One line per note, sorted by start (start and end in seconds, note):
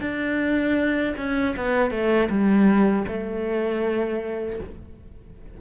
0.00 1.14 D4
1.17 1.55 C#4
1.56 1.91 B3
1.91 2.29 A3
2.29 3.05 G3
3.07 4.59 A3